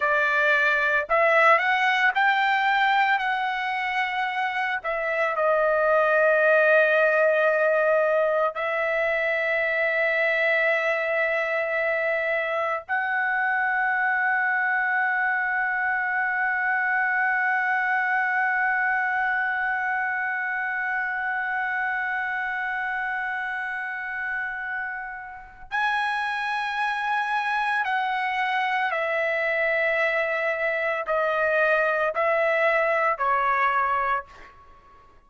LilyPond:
\new Staff \with { instrumentName = "trumpet" } { \time 4/4 \tempo 4 = 56 d''4 e''8 fis''8 g''4 fis''4~ | fis''8 e''8 dis''2. | e''1 | fis''1~ |
fis''1~ | fis''1 | gis''2 fis''4 e''4~ | e''4 dis''4 e''4 cis''4 | }